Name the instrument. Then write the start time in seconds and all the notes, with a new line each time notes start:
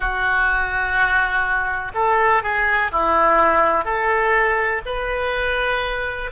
oboe
0.00 F#4
1.94 A4
2.42 G#4
2.91 E4
3.84 A4
4.85 B4